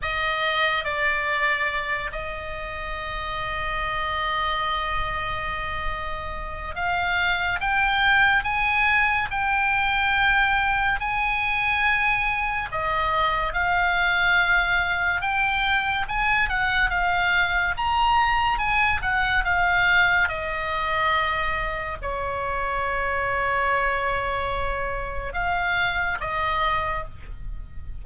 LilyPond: \new Staff \with { instrumentName = "oboe" } { \time 4/4 \tempo 4 = 71 dis''4 d''4. dis''4.~ | dis''1 | f''4 g''4 gis''4 g''4~ | g''4 gis''2 dis''4 |
f''2 g''4 gis''8 fis''8 | f''4 ais''4 gis''8 fis''8 f''4 | dis''2 cis''2~ | cis''2 f''4 dis''4 | }